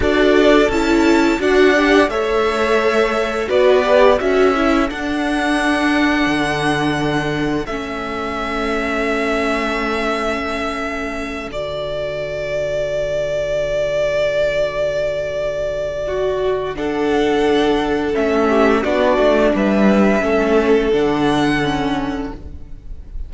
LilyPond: <<
  \new Staff \with { instrumentName = "violin" } { \time 4/4 \tempo 4 = 86 d''4 a''4 fis''4 e''4~ | e''4 d''4 e''4 fis''4~ | fis''2. e''4~ | e''1~ |
e''8 d''2.~ d''8~ | d''1 | fis''2 e''4 d''4 | e''2 fis''2 | }
  \new Staff \with { instrumentName = "violin" } { \time 4/4 a'2 d''4 cis''4~ | cis''4 b'4 a'2~ | a'1~ | a'1~ |
a'1~ | a'2. fis'4 | a'2~ a'8 g'8 fis'4 | b'4 a'2. | }
  \new Staff \with { instrumentName = "viola" } { \time 4/4 fis'4 e'4 fis'8 g'8 a'4~ | a'4 fis'8 g'8 fis'8 e'8 d'4~ | d'2. cis'4~ | cis'1~ |
cis'8 fis'2.~ fis'8~ | fis'1 | d'2 cis'4 d'4~ | d'4 cis'4 d'4 cis'4 | }
  \new Staff \with { instrumentName = "cello" } { \time 4/4 d'4 cis'4 d'4 a4~ | a4 b4 cis'4 d'4~ | d'4 d2 a4~ | a1~ |
a8 d2.~ d8~ | d1~ | d2 a4 b8 a8 | g4 a4 d2 | }
>>